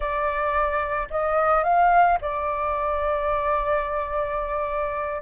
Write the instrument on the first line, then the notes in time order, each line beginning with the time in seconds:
flute
0.00 D5
1.10 D#5
1.63 F5
2.21 D5